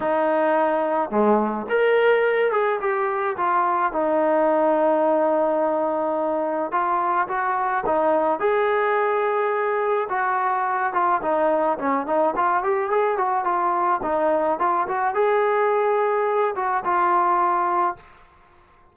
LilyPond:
\new Staff \with { instrumentName = "trombone" } { \time 4/4 \tempo 4 = 107 dis'2 gis4 ais'4~ | ais'8 gis'8 g'4 f'4 dis'4~ | dis'1 | f'4 fis'4 dis'4 gis'4~ |
gis'2 fis'4. f'8 | dis'4 cis'8 dis'8 f'8 g'8 gis'8 fis'8 | f'4 dis'4 f'8 fis'8 gis'4~ | gis'4. fis'8 f'2 | }